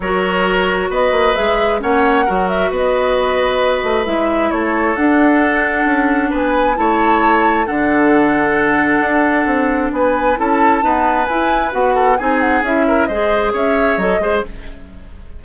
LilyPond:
<<
  \new Staff \with { instrumentName = "flute" } { \time 4/4 \tempo 4 = 133 cis''2 dis''4 e''4 | fis''4. e''8 dis''2~ | dis''4 e''4 cis''4 fis''4~ | fis''2 gis''4 a''4~ |
a''4 fis''2.~ | fis''2 gis''4 a''4~ | a''4 gis''4 fis''4 gis''8 fis''8 | e''4 dis''4 e''4 dis''4 | }
  \new Staff \with { instrumentName = "oboe" } { \time 4/4 ais'2 b'2 | cis''4 ais'4 b'2~ | b'2 a'2~ | a'2 b'4 cis''4~ |
cis''4 a'2.~ | a'2 b'4 a'4 | b'2~ b'8 a'8 gis'4~ | gis'8 ais'8 c''4 cis''4. c''8 | }
  \new Staff \with { instrumentName = "clarinet" } { \time 4/4 fis'2. gis'4 | cis'4 fis'2.~ | fis'4 e'2 d'4~ | d'2. e'4~ |
e'4 d'2.~ | d'2. e'4 | b4 e'4 fis'4 dis'4 | e'4 gis'2 a'8 gis'8 | }
  \new Staff \with { instrumentName = "bassoon" } { \time 4/4 fis2 b8 ais8 gis4 | ais4 fis4 b2~ | b8 a8 gis4 a4 d'4~ | d'4 cis'4 b4 a4~ |
a4 d2. | d'4 c'4 b4 cis'4 | dis'4 e'4 b4 c'4 | cis'4 gis4 cis'4 fis8 gis8 | }
>>